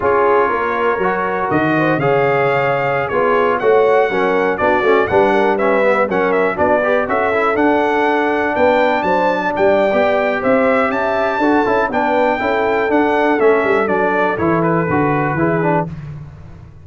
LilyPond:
<<
  \new Staff \with { instrumentName = "trumpet" } { \time 4/4 \tempo 4 = 121 cis''2. dis''4 | f''2~ f''16 cis''4 fis''8.~ | fis''4~ fis''16 d''4 fis''4 e''8.~ | e''16 fis''8 e''8 d''4 e''4 fis''8.~ |
fis''4~ fis''16 g''4 a''4 g''8.~ | g''4 e''4 a''2 | g''2 fis''4 e''4 | d''4 cis''8 b'2~ b'8 | }
  \new Staff \with { instrumentName = "horn" } { \time 4/4 gis'4 ais'2~ ais'8 c''8 | cis''2~ cis''16 gis'4 cis''8.~ | cis''16 ais'4 fis'4 b'8 ais'8 b'8.~ | b'16 ais'4 fis'8 b'8 a'4.~ a'16~ |
a'4~ a'16 b'4 c''8. d''4~ | d''4 c''4 e''4 a'4 | b'4 a'2.~ | a'2. gis'4 | }
  \new Staff \with { instrumentName = "trombone" } { \time 4/4 f'2 fis'2 | gis'2~ gis'16 f'4 fis'8.~ | fis'16 cis'4 d'8 cis'8 d'4 cis'8 b16~ | b16 cis'4 d'8 g'8 fis'8 e'8 d'8.~ |
d'1 | g'2. fis'8 e'8 | d'4 e'4 d'4 cis'4 | d'4 e'4 fis'4 e'8 d'8 | }
  \new Staff \with { instrumentName = "tuba" } { \time 4/4 cis'4 ais4 fis4 dis4 | cis2~ cis16 b4 a8.~ | a16 fis4 b8 a8 g4.~ g16~ | g16 fis4 b4 cis'4 d'8.~ |
d'4~ d'16 b4 fis4 g8. | b4 c'4 cis'4 d'8 cis'8 | b4 cis'4 d'4 a8 g8 | fis4 e4 d4 e4 | }
>>